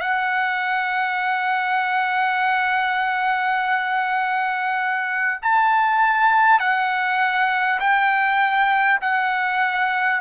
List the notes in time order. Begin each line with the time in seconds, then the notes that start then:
0.00 F#5
5.42 A5
6.59 F#5
7.80 G5
9.01 F#5